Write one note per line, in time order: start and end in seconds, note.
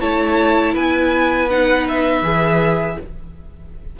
0.00 0.74 A3
0.00 1.49 E4
0.00 0.73 C#5
0.00 0.74 A5
0.73 2.22 B3
0.73 2.96 B4
0.73 1.49 G#5
1.49 2.23 D#4
1.49 1.86 F#5
1.88 2.99 E5
2.22 2.96 E3
2.22 2.97 G#4